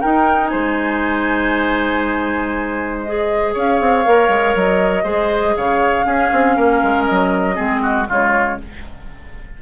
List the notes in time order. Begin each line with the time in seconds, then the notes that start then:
0.00 D#4 A#4 G5
0.47 C5 G#5
0.53 G#3
3.03 G#4 D#5
3.53 C#4 C#5 F5
3.80 C4
4.05 A#3 A#4
4.28 G#3
4.55 F#3 D#5
5.03 G#3 G#4 C5
5.56 C#3 C#5 F5
6.05 C#4 G#4
6.32 C4
6.56 A#3 A#4
6.82 G#3
7.04 F#3 D#5
7.54 G#3 C4 G#4
7.82 F#4
8.08 C#3 G#3 F4 C#5